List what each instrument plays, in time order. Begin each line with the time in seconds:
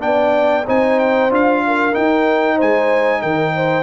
0.00 tuba B3, trombone D4, horn D5, trumpet G5
0.67 tuba C4, trombone D#4, horn C5, trumpet G#5
1.00 trumpet G5
1.31 tuba D4, trombone F4, trumpet F5
1.67 horn A#4
1.93 trombone D#4, tuba D#4, trumpet G5
2.57 tuba G#3, horn C5, trumpet G#5
3.22 tuba D#3, horn A#4, trumpet G5
3.56 horn C5